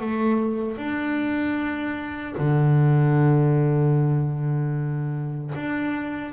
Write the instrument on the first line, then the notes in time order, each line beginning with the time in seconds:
double bass
0.00 A3
0.77 D4
2.38 D3
5.56 D4